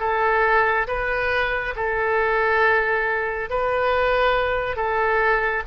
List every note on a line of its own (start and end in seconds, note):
0.00 0.87 A4
0.87 1.74 B4
1.75 3.49 A4
3.50 4.76 B4
4.76 5.63 A4